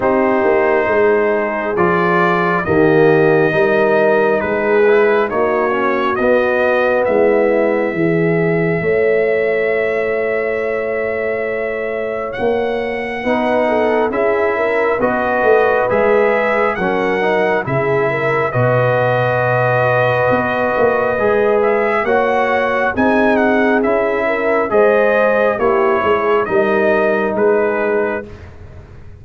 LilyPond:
<<
  \new Staff \with { instrumentName = "trumpet" } { \time 4/4 \tempo 4 = 68 c''2 d''4 dis''4~ | dis''4 b'4 cis''4 dis''4 | e''1~ | e''2 fis''2 |
e''4 dis''4 e''4 fis''4 | e''4 dis''2.~ | dis''8 e''8 fis''4 gis''8 fis''8 e''4 | dis''4 cis''4 dis''4 b'4 | }
  \new Staff \with { instrumentName = "horn" } { \time 4/4 g'4 gis'2 g'4 | ais'4 gis'4 fis'2 | e'4 gis'4 cis''2~ | cis''2. b'8 a'8 |
gis'8 ais'8 b'2 ais'4 | gis'8 ais'8 b'2.~ | b'4 cis''4 gis'4. ais'8 | c''4 g'8 gis'8 ais'4 gis'4 | }
  \new Staff \with { instrumentName = "trombone" } { \time 4/4 dis'2 f'4 ais4 | dis'4. e'8 dis'8 cis'8 b4~ | b4 e'2.~ | e'2. dis'4 |
e'4 fis'4 gis'4 cis'8 dis'8 | e'4 fis'2. | gis'4 fis'4 dis'4 e'4 | gis'4 e'4 dis'2 | }
  \new Staff \with { instrumentName = "tuba" } { \time 4/4 c'8 ais8 gis4 f4 dis4 | g4 gis4 ais4 b4 | gis4 e4 a2~ | a2 ais4 b4 |
cis'4 b8 a8 gis4 fis4 | cis4 b,2 b8 ais8 | gis4 ais4 c'4 cis'4 | gis4 ais8 gis8 g4 gis4 | }
>>